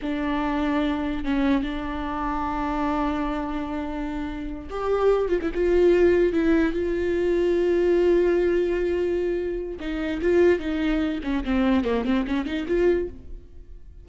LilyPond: \new Staff \with { instrumentName = "viola" } { \time 4/4 \tempo 4 = 147 d'2. cis'4 | d'1~ | d'2.~ d'8 g'8~ | g'4 f'16 e'16 f'2 e'8~ |
e'8 f'2.~ f'8~ | f'1 | dis'4 f'4 dis'4. cis'8 | c'4 ais8 c'8 cis'8 dis'8 f'4 | }